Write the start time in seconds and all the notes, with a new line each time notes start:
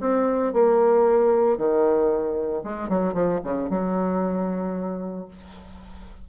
0.00 C4
0.53 A#3
1.57 D#3
2.63 G#3
2.88 F#3
3.13 F3
3.43 C#3
3.69 F#3